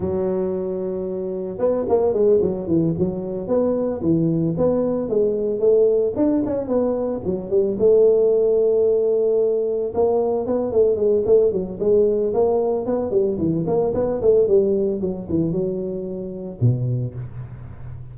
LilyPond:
\new Staff \with { instrumentName = "tuba" } { \time 4/4 \tempo 4 = 112 fis2. b8 ais8 | gis8 fis8 e8 fis4 b4 e8~ | e8 b4 gis4 a4 d'8 | cis'8 b4 fis8 g8 a4.~ |
a2~ a8 ais4 b8 | a8 gis8 a8 fis8 gis4 ais4 | b8 g8 e8 ais8 b8 a8 g4 | fis8 e8 fis2 b,4 | }